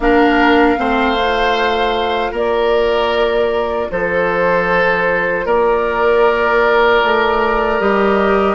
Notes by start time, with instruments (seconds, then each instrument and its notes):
0.00 bassoon A#3, clarinet D4, oboe A#4, flute F5
0.77 bassoon A3, clarinet C4, oboe C5
1.16 clarinet F4
2.31 bassoon A#3, oboe A#4, flute D5
3.90 bassoon F3, oboe A4, flute C5
5.45 bassoon A#3, oboe A#4, flute D5
7.03 bassoon A3
7.79 bassoon G3, clarinet G4, flute D#5